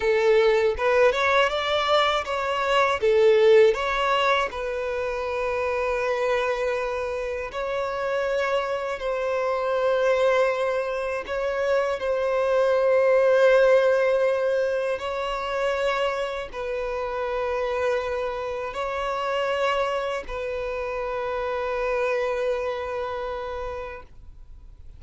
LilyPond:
\new Staff \with { instrumentName = "violin" } { \time 4/4 \tempo 4 = 80 a'4 b'8 cis''8 d''4 cis''4 | a'4 cis''4 b'2~ | b'2 cis''2 | c''2. cis''4 |
c''1 | cis''2 b'2~ | b'4 cis''2 b'4~ | b'1 | }